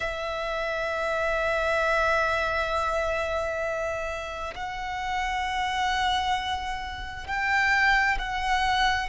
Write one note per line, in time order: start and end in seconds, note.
0.00 4.54 E5
4.55 7.27 F#5
7.27 8.18 G5
8.18 9.09 F#5